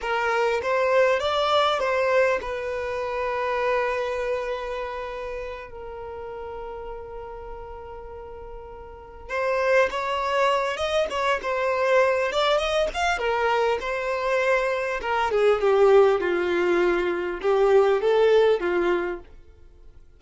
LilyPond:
\new Staff \with { instrumentName = "violin" } { \time 4/4 \tempo 4 = 100 ais'4 c''4 d''4 c''4 | b'1~ | b'4. ais'2~ ais'8~ | ais'2.~ ais'8 c''8~ |
c''8 cis''4. dis''8 cis''8 c''4~ | c''8 d''8 dis''8 f''8 ais'4 c''4~ | c''4 ais'8 gis'8 g'4 f'4~ | f'4 g'4 a'4 f'4 | }